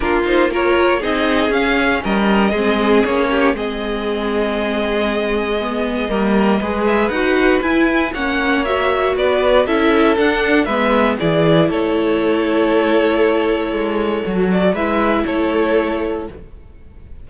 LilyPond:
<<
  \new Staff \with { instrumentName = "violin" } { \time 4/4 \tempo 4 = 118 ais'8 c''8 cis''4 dis''4 f''4 | dis''2 cis''4 dis''4~ | dis''1~ | dis''4. e''8 fis''4 gis''4 |
fis''4 e''4 d''4 e''4 | fis''4 e''4 d''4 cis''4~ | cis''1~ | cis''8 d''8 e''4 cis''2 | }
  \new Staff \with { instrumentName = "violin" } { \time 4/4 f'4 ais'4 gis'2 | ais'4 gis'4. g'8 gis'4~ | gis'1 | ais'4 b'2. |
cis''2 b'4 a'4~ | a'4 b'4 gis'4 a'4~ | a'1~ | a'4 b'4 a'2 | }
  \new Staff \with { instrumentName = "viola" } { \time 4/4 d'8 dis'8 f'4 dis'4 cis'4~ | cis'4 c'4 cis'4 c'4~ | c'2. b4 | ais4 gis'4 fis'4 e'4 |
cis'4 fis'2 e'4 | d'4 b4 e'2~ | e'1 | fis'4 e'2. | }
  \new Staff \with { instrumentName = "cello" } { \time 4/4 ais2 c'4 cis'4 | g4 gis4 ais4 gis4~ | gis1 | g4 gis4 dis'4 e'4 |
ais2 b4 cis'4 | d'4 gis4 e4 a4~ | a2. gis4 | fis4 gis4 a2 | }
>>